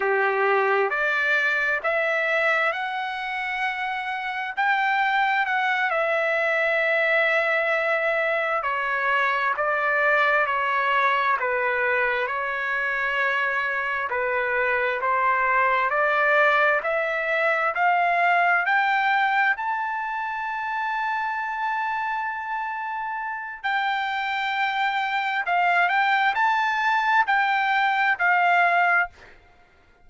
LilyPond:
\new Staff \with { instrumentName = "trumpet" } { \time 4/4 \tempo 4 = 66 g'4 d''4 e''4 fis''4~ | fis''4 g''4 fis''8 e''4.~ | e''4. cis''4 d''4 cis''8~ | cis''8 b'4 cis''2 b'8~ |
b'8 c''4 d''4 e''4 f''8~ | f''8 g''4 a''2~ a''8~ | a''2 g''2 | f''8 g''8 a''4 g''4 f''4 | }